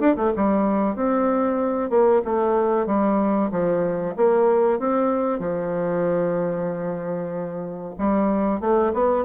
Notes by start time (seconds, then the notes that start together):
0.00 D4
0.17 A3
0.36 G3
0.96 C4
1.90 A#3
2.25 A3
2.86 G3
3.51 F3
4.16 A#3
4.79 C4
5.39 F3
7.98 G3
8.61 A3
8.94 B3